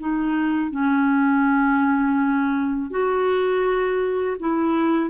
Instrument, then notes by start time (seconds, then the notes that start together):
clarinet
0.00 D#4
0.72 C#4
2.91 F#4
4.40 E4